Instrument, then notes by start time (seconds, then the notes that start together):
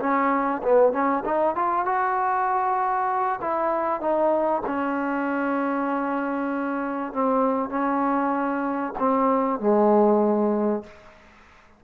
trombone
0.00 C#4
0.63 B3
0.93 C#4
1.25 D#4
1.55 F4
1.85 F#4
3.41 E4
4.00 D#4
4.66 C#4
7.13 C4
7.70 C#4
8.99 C4
9.60 G#3